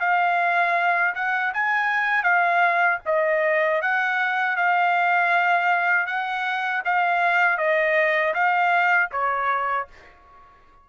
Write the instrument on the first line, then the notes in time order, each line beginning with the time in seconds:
trumpet
0.00 F5
1.15 F#5
1.53 G#5
2.23 F5
3.06 D#5
3.81 F#5
4.56 F5
6.07 F#5
6.85 F5
7.57 D#5
8.34 F5
9.11 C#5